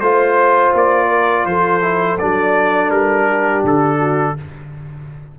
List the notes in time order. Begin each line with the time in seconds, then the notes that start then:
0.00 A3 F4 C5
0.74 A#3 D5
1.08 A#4
1.45 F3 A4 C5
1.82 E4
2.18 F#3 D4 D5
2.90 G3 A#4
3.26 G4
3.64 D3 A4
3.98 F#4